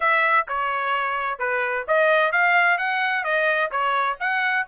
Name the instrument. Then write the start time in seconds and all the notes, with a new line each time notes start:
trumpet
0.00 E5
0.48 C#5
1.38 B4
1.87 D#5
2.32 F5
2.78 F#5
3.23 D#5
3.71 C#5
4.19 F#5